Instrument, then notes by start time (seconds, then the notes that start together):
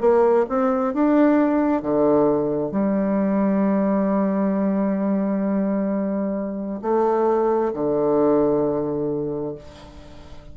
bassoon
0.00 A#3
0.48 C4
0.93 D4
1.82 D3
2.71 G3
6.81 A3
7.73 D3